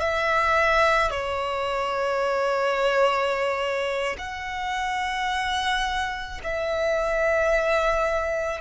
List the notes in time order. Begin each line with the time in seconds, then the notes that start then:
0.00 E5
1.11 C#5
4.19 F#5
6.43 E5